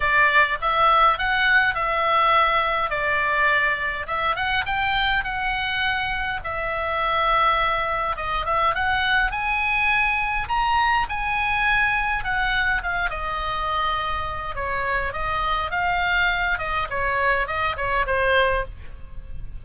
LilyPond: \new Staff \with { instrumentName = "oboe" } { \time 4/4 \tempo 4 = 103 d''4 e''4 fis''4 e''4~ | e''4 d''2 e''8 fis''8 | g''4 fis''2 e''4~ | e''2 dis''8 e''8 fis''4 |
gis''2 ais''4 gis''4~ | gis''4 fis''4 f''8 dis''4.~ | dis''4 cis''4 dis''4 f''4~ | f''8 dis''8 cis''4 dis''8 cis''8 c''4 | }